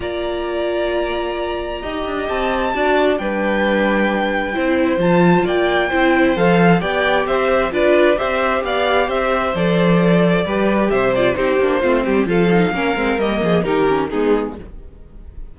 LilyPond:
<<
  \new Staff \with { instrumentName = "violin" } { \time 4/4 \tempo 4 = 132 ais''1~ | ais''4 a''2 g''4~ | g''2. a''4 | g''2 f''4 g''4 |
e''4 d''4 e''4 f''4 | e''4 d''2. | e''8 d''8 c''2 f''4~ | f''4 dis''4 ais'4 gis'4 | }
  \new Staff \with { instrumentName = "violin" } { \time 4/4 d''1 | dis''2 d''4 b'4~ | b'2 c''2 | d''4 c''2 d''4 |
c''4 b'4 c''4 d''4 | c''2. b'4 | c''4 g'4 f'8 g'8 a'4 | ais'4. gis'8 g'4 dis'4 | }
  \new Staff \with { instrumentName = "viola" } { \time 4/4 f'1 | g'2 fis'4 d'4~ | d'2 e'4 f'4~ | f'4 e'4 a'4 g'4~ |
g'4 f'4 g'2~ | g'4 a'2 g'4~ | g'8 f'8 dis'8 d'8 c'4 f'8 dis'8 | cis'8 c'8 ais4 dis'8 cis'8 b4 | }
  \new Staff \with { instrumentName = "cello" } { \time 4/4 ais1 | dis'8 d'8 c'4 d'4 g4~ | g2 c'4 f4 | ais4 c'4 f4 b4 |
c'4 d'4 c'4 b4 | c'4 f2 g4 | c4 c'8 ais8 a8 g8 f4 | ais8 gis8 g8 f8 dis4 gis4 | }
>>